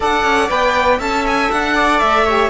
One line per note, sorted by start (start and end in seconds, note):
0.00 0.24 D4
0.00 0.48 A4
0.00 0.98 D5
0.00 0.49 F#5
0.24 0.49 C#4
0.48 0.99 B3
0.48 0.98 B4
0.48 0.99 G5
0.98 1.49 C#4
0.98 2.24 A4
0.98 1.73 E5
0.98 1.25 A5
1.26 1.51 G#5
1.51 2.01 D4
1.51 1.99 F#5
1.75 2.25 D5
1.99 2.49 A3
1.99 2.49 E5
2.25 2.49 G4
2.25 2.49 C#5